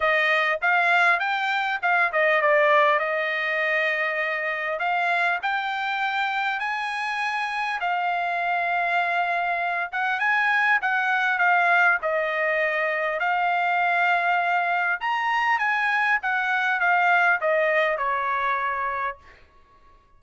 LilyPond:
\new Staff \with { instrumentName = "trumpet" } { \time 4/4 \tempo 4 = 100 dis''4 f''4 g''4 f''8 dis''8 | d''4 dis''2. | f''4 g''2 gis''4~ | gis''4 f''2.~ |
f''8 fis''8 gis''4 fis''4 f''4 | dis''2 f''2~ | f''4 ais''4 gis''4 fis''4 | f''4 dis''4 cis''2 | }